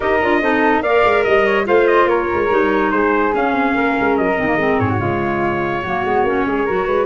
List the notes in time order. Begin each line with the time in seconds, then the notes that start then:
0.00 D#4 G4 A#4 D#5
0.21 D4 F4
0.41 C4 D#4 A4
0.81 A#3 A#4 D5 F5
1.04 G#3
1.24 G3 D#5
1.45 C#5
1.64 A3 F4 C5 F5
1.87 D#5
2.05 A#3 A#4 C#5
2.34 G#3
2.50 G3 D#4
2.91 G#3 G#4 C5
3.33 C#4 F5
3.52 C4
3.74 A#3 A#4
4.00 G#3
4.17 F#3 D#5
4.37 D#3 C4
4.46 A#3
4.56 G#3 C4
4.79 G#2 G#4 C#5
4.88 F#4
4.98 C#3 G#3 F4
5.82 F#3 A#3 F#4
6.04 G#3 B3
6.23 A#3 C#4
6.46 G#3 G#4
6.65 F#3 F#4 A#4
6.86 G#3 B4